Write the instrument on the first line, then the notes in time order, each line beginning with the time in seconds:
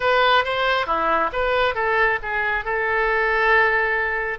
oboe
0.00 B4
0.44 C5
0.86 E4
1.32 B4
1.74 A4
2.22 G#4
2.65 A4